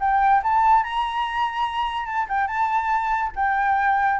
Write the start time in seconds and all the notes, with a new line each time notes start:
0.00 G5
0.43 A5
0.84 A#5
2.06 A5
2.29 G5
2.47 A5
3.36 G5